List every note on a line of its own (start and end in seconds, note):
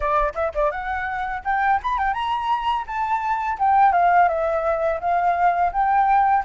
0.00 0.33 D5
0.34 0.52 E5
0.54 0.71 D5
0.71 1.43 F#5
1.44 1.80 G5
1.82 1.98 B5
1.98 2.13 G5
2.13 2.85 A#5
2.86 3.58 A5
3.58 3.92 G5
3.92 4.28 F5
4.28 4.99 E5
5.00 5.71 F5
5.72 6.43 G5